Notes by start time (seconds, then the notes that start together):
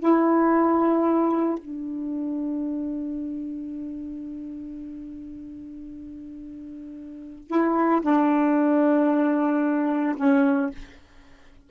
0.00 E4
1.59 D4
7.48 E4
8.02 D4
10.17 C#4